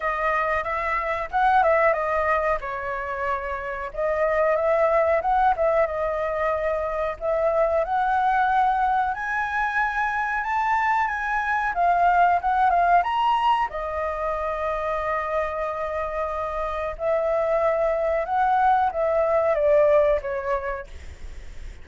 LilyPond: \new Staff \with { instrumentName = "flute" } { \time 4/4 \tempo 4 = 92 dis''4 e''4 fis''8 e''8 dis''4 | cis''2 dis''4 e''4 | fis''8 e''8 dis''2 e''4 | fis''2 gis''2 |
a''4 gis''4 f''4 fis''8 f''8 | ais''4 dis''2.~ | dis''2 e''2 | fis''4 e''4 d''4 cis''4 | }